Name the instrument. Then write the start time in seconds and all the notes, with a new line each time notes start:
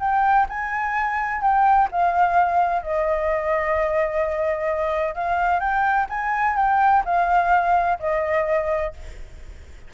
flute
0.00 G5
0.49 G#5
1.42 G5
1.92 F5
2.83 D#5
5.15 F5
5.60 G5
6.10 G#5
6.57 G5
7.05 F5
8.00 D#5